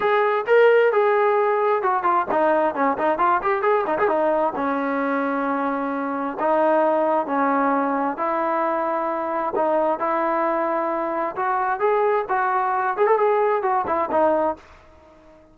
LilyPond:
\new Staff \with { instrumentName = "trombone" } { \time 4/4 \tempo 4 = 132 gis'4 ais'4 gis'2 | fis'8 f'8 dis'4 cis'8 dis'8 f'8 g'8 | gis'8 dis'16 gis'16 dis'4 cis'2~ | cis'2 dis'2 |
cis'2 e'2~ | e'4 dis'4 e'2~ | e'4 fis'4 gis'4 fis'4~ | fis'8 gis'16 a'16 gis'4 fis'8 e'8 dis'4 | }